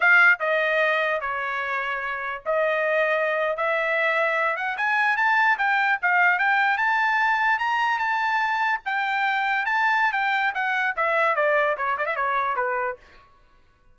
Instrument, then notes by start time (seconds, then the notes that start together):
trumpet
0.00 F5
0.39 D#5
1.21 C#5
2.45 D#5
3.56 E5
4.56 F#5
4.77 G#5
5.17 A5
5.58 G5
6.02 F5
6.38 G5
6.77 A5
7.58 A#5
7.98 A5
8.85 G5
9.65 A5
10.12 G5
10.54 F#5
10.96 E5
11.35 D5
11.77 C#5
11.97 D5
12.06 E5
12.15 C#5
12.56 B4